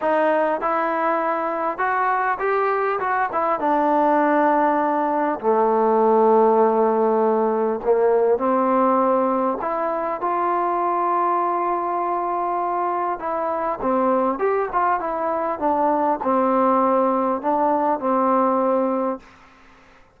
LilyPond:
\new Staff \with { instrumentName = "trombone" } { \time 4/4 \tempo 4 = 100 dis'4 e'2 fis'4 | g'4 fis'8 e'8 d'2~ | d'4 a2.~ | a4 ais4 c'2 |
e'4 f'2.~ | f'2 e'4 c'4 | g'8 f'8 e'4 d'4 c'4~ | c'4 d'4 c'2 | }